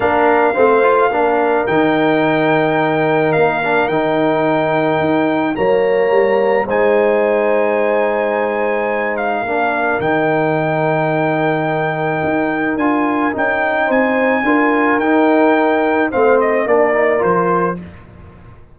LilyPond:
<<
  \new Staff \with { instrumentName = "trumpet" } { \time 4/4 \tempo 4 = 108 f''2. g''4~ | g''2 f''4 g''4~ | g''2 ais''2 | gis''1~ |
gis''8 f''4. g''2~ | g''2. gis''4 | g''4 gis''2 g''4~ | g''4 f''8 dis''8 d''4 c''4 | }
  \new Staff \with { instrumentName = "horn" } { \time 4/4 ais'4 c''4 ais'2~ | ais'1~ | ais'2 cis''2 | c''1~ |
c''4 ais'2.~ | ais'1~ | ais'4 c''4 ais'2~ | ais'4 c''4 ais'2 | }
  \new Staff \with { instrumentName = "trombone" } { \time 4/4 d'4 c'8 f'8 d'4 dis'4~ | dis'2~ dis'8 d'8 dis'4~ | dis'2 ais2 | dis'1~ |
dis'4 d'4 dis'2~ | dis'2. f'4 | dis'2 f'4 dis'4~ | dis'4 c'4 d'8 dis'8 f'4 | }
  \new Staff \with { instrumentName = "tuba" } { \time 4/4 ais4 a4 ais4 dis4~ | dis2 ais4 dis4~ | dis4 dis'4 fis4 g4 | gis1~ |
gis4 ais4 dis2~ | dis2 dis'4 d'4 | cis'4 c'4 d'4 dis'4~ | dis'4 a4 ais4 f4 | }
>>